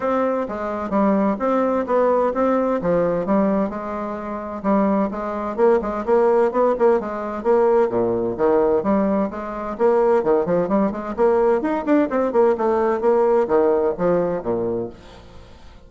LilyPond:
\new Staff \with { instrumentName = "bassoon" } { \time 4/4 \tempo 4 = 129 c'4 gis4 g4 c'4 | b4 c'4 f4 g4 | gis2 g4 gis4 | ais8 gis8 ais4 b8 ais8 gis4 |
ais4 ais,4 dis4 g4 | gis4 ais4 dis8 f8 g8 gis8 | ais4 dis'8 d'8 c'8 ais8 a4 | ais4 dis4 f4 ais,4 | }